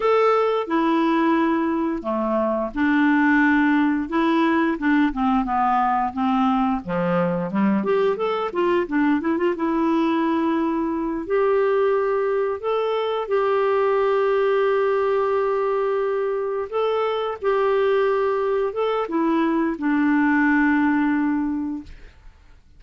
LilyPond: \new Staff \with { instrumentName = "clarinet" } { \time 4/4 \tempo 4 = 88 a'4 e'2 a4 | d'2 e'4 d'8 c'8 | b4 c'4 f4 g8 g'8 | a'8 f'8 d'8 e'16 f'16 e'2~ |
e'8 g'2 a'4 g'8~ | g'1~ | g'8 a'4 g'2 a'8 | e'4 d'2. | }